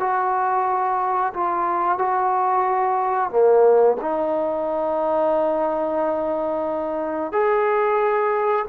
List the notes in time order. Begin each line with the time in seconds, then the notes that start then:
0.00 F#4
1.34 F4
1.98 F#4
3.30 A#3
4.01 D#4
7.32 G#4